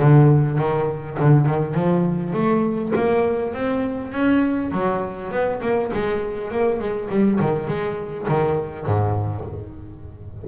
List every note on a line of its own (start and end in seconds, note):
0.00 0.58 D3
0.58 1.18 D#3
1.20 1.46 D3
1.46 1.74 D#3
1.74 2.33 F3
2.33 2.93 A3
2.95 3.53 A#3
3.53 4.12 C4
4.12 4.71 C#4
4.72 5.31 F#3
5.31 5.61 B3
5.62 5.92 A#3
5.93 6.51 G#3
6.51 6.80 A#3
6.80 7.10 G#3
7.10 7.40 G3
7.40 7.68 D#3
7.68 8.27 G#3
8.28 8.86 D#3
8.86 9.45 G#2